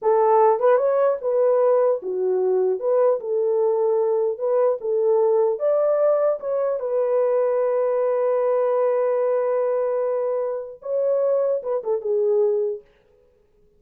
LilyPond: \new Staff \with { instrumentName = "horn" } { \time 4/4 \tempo 4 = 150 a'4. b'8 cis''4 b'4~ | b'4 fis'2 b'4 | a'2. b'4 | a'2 d''2 |
cis''4 b'2.~ | b'1~ | b'2. cis''4~ | cis''4 b'8 a'8 gis'2 | }